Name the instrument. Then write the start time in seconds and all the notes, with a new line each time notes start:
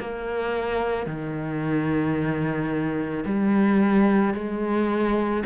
cello
0.00 A#3
1.06 D#3
3.25 G3
4.34 G#3